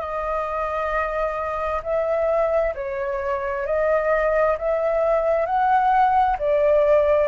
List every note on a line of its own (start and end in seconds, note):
0.00 1.82 D#5
1.83 2.74 E5
2.75 3.66 C#5
3.66 4.57 D#5
4.58 5.46 E5
5.46 6.37 F#5
6.39 7.28 D5